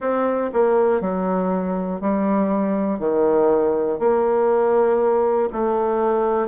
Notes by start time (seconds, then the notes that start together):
0.00 C4
0.53 A#3
1.00 F#3
2.00 G3
2.99 D#3
3.99 A#3
5.52 A3